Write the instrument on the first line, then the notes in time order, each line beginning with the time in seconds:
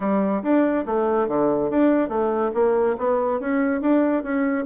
bassoon
0.00 G3
0.42 D4
0.86 A3
1.28 D3
1.70 D4
2.09 A3
2.54 A#3
2.98 B3
3.39 C#4
3.81 D4
4.23 C#4